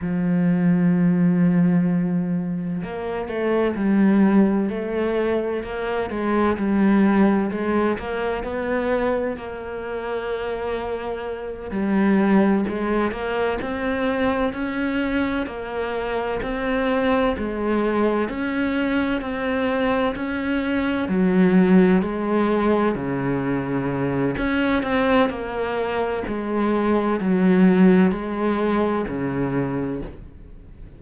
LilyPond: \new Staff \with { instrumentName = "cello" } { \time 4/4 \tempo 4 = 64 f2. ais8 a8 | g4 a4 ais8 gis8 g4 | gis8 ais8 b4 ais2~ | ais8 g4 gis8 ais8 c'4 cis'8~ |
cis'8 ais4 c'4 gis4 cis'8~ | cis'8 c'4 cis'4 fis4 gis8~ | gis8 cis4. cis'8 c'8 ais4 | gis4 fis4 gis4 cis4 | }